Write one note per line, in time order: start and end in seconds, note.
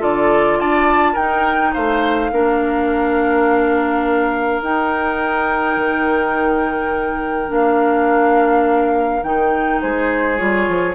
0.00 0.59 D3
0.00 1.15 F4
0.00 0.58 A4
0.00 0.60 D5
0.59 1.16 D4
0.59 1.12 D5
0.59 1.16 A5
1.12 1.74 D#4
1.12 2.31 D#4
1.12 1.70 A#4
1.12 1.73 G5
1.73 2.31 A3
1.73 2.31 C5
1.73 4.62 F5
2.31 4.62 A#3
2.31 4.63 D4
2.31 9.82 A#4
4.62 5.76 D#4
4.62 7.48 D#4
4.62 7.52 G5
5.76 7.49 D#3
7.48 9.23 A#3
7.48 9.21 D4
7.48 9.23 F5
9.23 9.80 D#3
9.23 10.37 D#4
9.23 9.81 G5
9.82 10.41 G#3
9.82 10.95 G#4
9.82 10.37 C5
10.37 10.68 G3
10.37 10.95 F4
10.37 10.95 C#5
10.68 10.95 F3